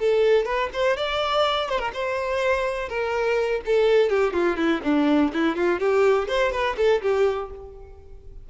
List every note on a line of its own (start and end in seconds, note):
0.00 0.46 A4
0.46 0.70 B4
0.73 0.97 C5
0.97 1.70 D5
1.70 1.79 C5
1.79 1.92 A#4
1.94 2.89 C5
2.89 3.62 A#4
3.66 4.10 A4
4.10 4.34 G4
4.34 4.57 F4
4.57 4.81 E4
4.84 5.32 D4
5.33 5.56 E4
5.56 5.80 F4
5.80 6.28 G4
6.28 6.52 C5
6.52 6.76 B4
6.78 7.02 A4
7.02 7.50 G4